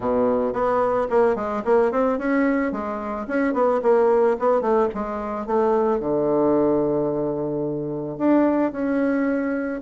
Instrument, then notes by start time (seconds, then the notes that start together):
bassoon
0.00 B2
0.53 B3
1.10 A#3
1.35 G#3
1.64 A#3
1.91 C4
2.18 C#4
2.71 G#3
3.27 C#4
3.53 B3
3.82 A#3
4.39 B3
4.61 A3
4.94 G#3
5.46 A3
6.00 D3
8.17 D4
8.71 C#4